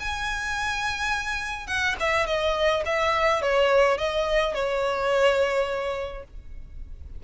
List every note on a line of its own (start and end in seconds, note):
0.00 1.67 G#5
1.67 1.96 F#5
2.00 2.27 E5
2.27 2.84 D#5
2.86 3.42 E5
3.42 3.98 C#5
3.98 4.54 D#5
4.54 6.24 C#5